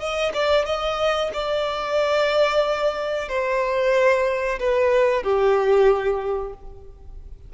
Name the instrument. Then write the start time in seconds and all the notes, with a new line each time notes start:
violin
0.00 D#5
0.34 D5
0.66 D#5
1.33 D5
3.29 C5
4.59 B4
5.23 G4